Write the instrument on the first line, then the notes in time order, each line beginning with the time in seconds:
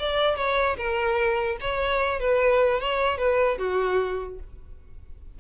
violin
0.00 D5
0.37 C#5
0.77 A#4
1.61 C#5
2.20 B4
2.80 C#5
3.18 B4
3.59 F#4